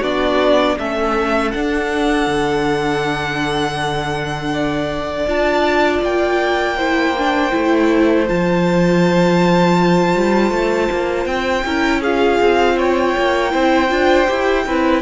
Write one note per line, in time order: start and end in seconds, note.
0.00 0.77 B3
0.00 0.78 D4
0.00 0.75 F#4
0.00 0.78 D5
0.78 1.54 A3
0.78 1.53 C#4
0.78 4.53 A4
0.78 1.51 E5
1.51 5.28 D4
1.51 2.27 D4
1.51 5.26 F#5
2.27 5.26 D3
4.53 6.77 D5
5.26 6.01 D4
5.26 6.78 F4
5.26 6.03 A5
6.02 7.52 A#3
6.02 8.28 G5
6.77 7.16 E4
6.77 11.64 C5
7.18 7.51 D4
7.51 8.29 A3
7.51 8.26 E4
8.26 10.15 F3
8.26 11.64 F4
8.26 11.26 A5
10.15 10.50 G3
10.50 10.88 A3
10.92 11.26 A#3
11.26 11.63 C4
11.26 12.01 G5
11.64 12.39 C#4
11.64 12.03 E4
11.64 12.01 A#4
12.01 13.50 F4
12.01 12.76 G#4
12.01 12.78 F5
12.40 13.15 C4
12.77 13.52 C#5
12.77 15.02 G5
13.17 13.54 A#3
13.50 13.91 C4
13.50 13.88 E4
13.50 14.64 C5
13.89 14.28 D4
13.89 14.26 F4
14.27 14.66 E4
14.27 14.65 G4
14.66 15.02 C4
14.66 15.02 E4
14.66 15.02 B4